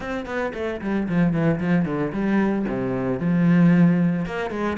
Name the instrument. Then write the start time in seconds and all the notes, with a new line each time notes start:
cello
0.00 C4
0.25 B3
0.54 A3
0.81 G3
1.08 F3
1.33 E3
1.60 F3
1.85 D3
2.12 G3
2.68 C3
3.19 F3
4.25 A#3
4.50 G#3